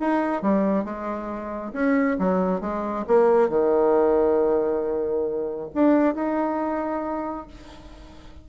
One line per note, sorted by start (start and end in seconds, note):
0.00 0.42 D#4
0.42 0.84 G3
0.84 1.72 G#3
1.73 2.17 C#4
2.19 2.61 F#3
2.61 3.05 G#3
3.07 3.49 A#3
3.49 5.70 D#3
5.74 6.15 D4
6.15 7.47 D#4